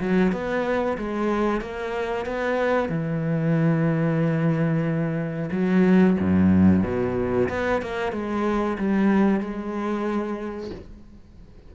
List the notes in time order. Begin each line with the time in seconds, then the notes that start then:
0.00 F#3
0.32 B3
0.98 G#3
1.62 A#3
2.26 B3
2.89 E3
5.52 F#3
6.20 F#2
6.84 B2
7.49 B3
7.82 A#3
8.13 G#3
8.79 G3
9.40 G#3